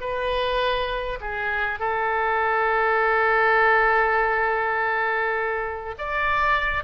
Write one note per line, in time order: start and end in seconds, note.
0.00 1.19 B4
1.20 1.79 G#4
1.79 5.95 A4
5.98 6.84 D5